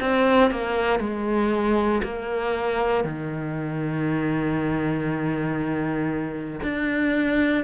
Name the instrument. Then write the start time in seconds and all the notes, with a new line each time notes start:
cello
0.00 C4
0.51 A#3
1.00 G#3
2.03 A#3
3.04 D#3
6.63 D4